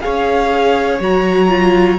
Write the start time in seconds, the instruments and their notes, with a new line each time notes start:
0.00 cello C#4, viola G#4, violin C#5 F5
1.00 cello F#3, viola F#4, violin A#5
1.48 viola F4